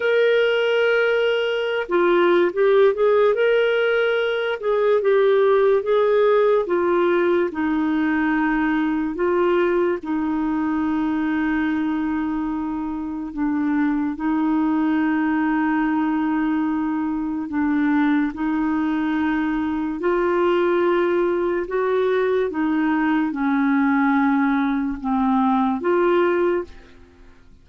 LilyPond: \new Staff \with { instrumentName = "clarinet" } { \time 4/4 \tempo 4 = 72 ais'2~ ais'16 f'8. g'8 gis'8 | ais'4. gis'8 g'4 gis'4 | f'4 dis'2 f'4 | dis'1 |
d'4 dis'2.~ | dis'4 d'4 dis'2 | f'2 fis'4 dis'4 | cis'2 c'4 f'4 | }